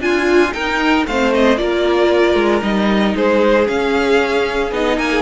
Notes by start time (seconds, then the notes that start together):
0.00 D4 F4 G#5
0.53 D#4 A#4 G5
1.07 A3 C4 C5 F5
1.33 D#5
1.57 A#3 F4 A#4 D5
2.35 G#3
2.61 G3 D#4 D#5
3.15 G#3 G#4 C5
3.66 C#4 F5
4.71 B3 D#4 D#5
4.96 A#3 A#4 G#5
5.11 G#4